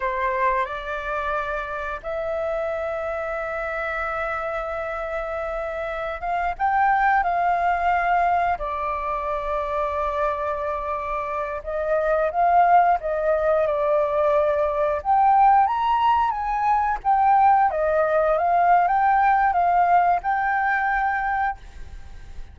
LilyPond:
\new Staff \with { instrumentName = "flute" } { \time 4/4 \tempo 4 = 89 c''4 d''2 e''4~ | e''1~ | e''4~ e''16 f''8 g''4 f''4~ f''16~ | f''8. d''2.~ d''16~ |
d''4~ d''16 dis''4 f''4 dis''8.~ | dis''16 d''2 g''4 ais''8.~ | ais''16 gis''4 g''4 dis''4 f''8. | g''4 f''4 g''2 | }